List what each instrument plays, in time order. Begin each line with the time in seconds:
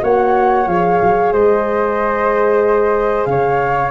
0.00 tuba A#3, horn F#4, flute C#5 F#5
0.67 tuba F3, horn G#4, flute F5
1.01 tuba F#3
1.32 tuba G#3, flute C5 D#5
3.25 tuba C#3, flute C#5 F5